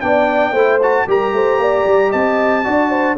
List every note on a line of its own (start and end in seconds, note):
0.00 0.52 B3
0.00 0.54 D4
0.00 0.52 D5
0.00 0.79 G5
0.52 1.05 A3
0.52 0.81 E4
0.52 1.05 C5
0.82 1.08 F#4
0.82 1.08 A5
1.07 1.32 G3
1.07 2.64 G4
1.07 1.35 A#4
1.07 2.12 A#5
1.32 1.58 A3
1.32 1.60 C5
1.58 1.85 A#3
1.58 2.10 D5
1.85 2.12 G3
2.10 2.66 C4
2.10 2.63 D#5
2.10 3.17 A5
2.64 3.18 D4
2.64 3.16 F#4
2.64 2.90 D5
2.90 3.16 C5